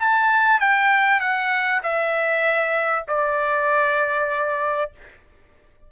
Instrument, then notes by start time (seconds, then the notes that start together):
trumpet
0.00 A5
0.60 G5
1.21 F#5
1.83 E5
3.08 D5